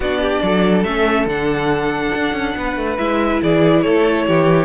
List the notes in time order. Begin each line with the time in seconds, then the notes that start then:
0.00 B3 D4 F#4 D5
0.21 G4
0.42 F#3 A4
0.83 A3 C#4 E5
1.26 D3 D4 F#5
2.15 D4
2.32 C#4
2.56 B3 B4
2.76 A3
2.97 G#3 E4 E5
3.42 E3 G#4 D5
3.82 A3 A4 C#5
4.27 E3 G4